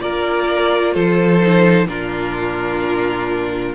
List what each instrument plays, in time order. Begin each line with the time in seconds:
0.00 cello A#3, viola F4, violin A#4 D5
0.94 cello F3, violin A4 C5
1.41 viola D#4
1.87 cello A#2, viola D4, violin F4 A#4